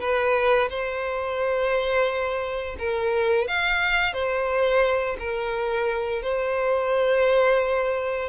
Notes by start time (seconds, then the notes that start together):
0.00 B4
0.70 C5
2.79 A#4
3.48 F5
4.13 C5
5.19 A#4
6.23 C5